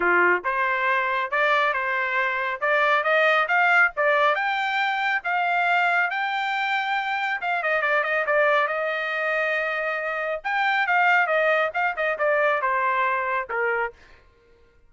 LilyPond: \new Staff \with { instrumentName = "trumpet" } { \time 4/4 \tempo 4 = 138 f'4 c''2 d''4 | c''2 d''4 dis''4 | f''4 d''4 g''2 | f''2 g''2~ |
g''4 f''8 dis''8 d''8 dis''8 d''4 | dis''1 | g''4 f''4 dis''4 f''8 dis''8 | d''4 c''2 ais'4 | }